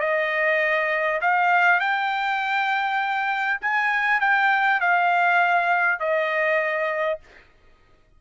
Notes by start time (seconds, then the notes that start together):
0.00 D#5
1.21 F5
1.80 G5
3.61 G#5
4.20 G5
4.80 F5
5.99 D#5